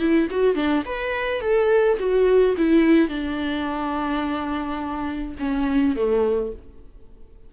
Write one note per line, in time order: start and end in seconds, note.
0.00 0.28 E4
0.31 0.56 F#4
0.56 0.84 D4
0.86 1.42 B4
1.42 1.98 A4
1.99 2.56 F#4
2.58 3.09 E4
3.09 5.36 D4
5.40 5.96 C#4
5.96 6.53 A3